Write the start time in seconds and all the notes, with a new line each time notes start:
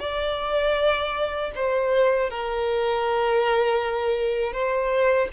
0.00 D5
1.56 C5
2.30 A#4
4.53 C5